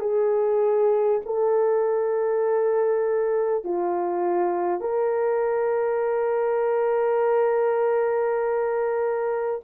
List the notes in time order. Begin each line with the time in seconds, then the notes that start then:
0.00 G#4
1.25 A4
3.64 F4
4.81 A#4